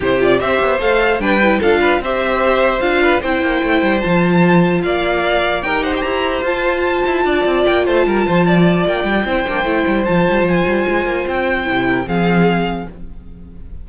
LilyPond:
<<
  \new Staff \with { instrumentName = "violin" } { \time 4/4 \tempo 4 = 149 c''8 d''8 e''4 f''4 g''4 | f''4 e''2 f''4 | g''2 a''2 | f''2 g''8 fis''16 g''16 ais''4 |
a''2. g''8 a''8~ | a''2 g''2~ | g''4 a''4 gis''2 | g''2 f''2 | }
  \new Staff \with { instrumentName = "violin" } { \time 4/4 g'4 c''2 b'4 | a'8 b'8 c''2~ c''8 b'8 | c''1 | d''2 ais'8 c''4.~ |
c''2 d''4. c''8 | ais'8 c''8 d''2 c''4~ | c''1~ | c''4. ais'8 gis'2 | }
  \new Staff \with { instrumentName = "viola" } { \time 4/4 e'8 f'8 g'4 a'4 d'8 e'8 | f'4 g'2 f'4 | e'2 f'2~ | f'2 g'2 |
f'1~ | f'2. e'8 d'8 | e'4 f'2.~ | f'4 e'4 c'2 | }
  \new Staff \with { instrumentName = "cello" } { \time 4/4 c4 c'8 b8 a4 g4 | d'4 c'2 d'4 | c'8 ais8 a8 g8 f2 | ais2 dis'4 e'4 |
f'4. e'8 d'8 c'8 ais8 a8 | g8 f4. ais8 g8 c'8 ais8 | a8 g8 f8 g8 f8 g8 gis8 ais8 | c'4 c4 f2 | }
>>